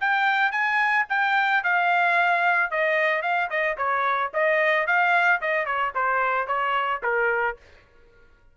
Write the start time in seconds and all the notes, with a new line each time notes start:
0.00 G5
0.51 G#5
1.09 G5
1.63 F5
2.70 D#5
3.22 F5
3.49 D#5
3.77 C#5
4.33 D#5
4.86 F5
5.41 D#5
5.65 C#5
5.94 C5
6.47 C#5
7.02 A#4